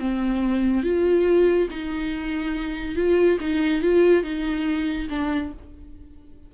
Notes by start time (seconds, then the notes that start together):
0.00 C4
0.84 F4
1.70 D#4
2.96 F4
3.41 D#4
3.82 F4
4.24 D#4
5.10 D4